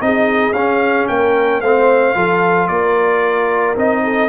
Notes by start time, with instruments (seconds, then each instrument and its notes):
0.00 tuba C4, trombone D#4, horn G#4, trumpet D#5
0.52 tuba C#4, trombone C#4, trumpet F5
1.08 tuba A#3, horn A#4, trumpet G5
1.61 tuba A3, trombone C4, horn C5, trumpet F5
2.14 tuba F3, trombone F4, horn A4
2.68 tuba A#3, horn A#4, trumpet D5
3.76 tuba C4, trombone D#4, trumpet D#5
4.04 horn A4